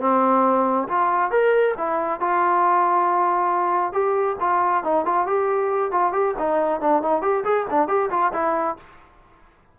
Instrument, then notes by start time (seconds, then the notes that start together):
trombone
0.00 C4
0.88 F4
1.31 A#4
1.77 E4
2.20 F4
3.92 G4
4.40 F4
4.83 D#4
5.05 F4
5.26 G4
5.91 F4
6.12 G4
6.38 D#4
6.80 D4
7.02 D#4
7.21 G4
7.44 G#4
7.70 D4
7.88 G4
8.10 F4
8.33 E4